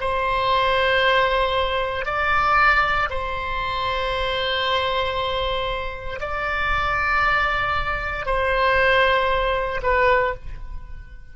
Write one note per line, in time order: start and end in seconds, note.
0.00 2.05 C5
2.05 3.09 D5
3.09 6.20 C5
6.20 8.26 D5
8.26 9.81 C5
9.82 10.34 B4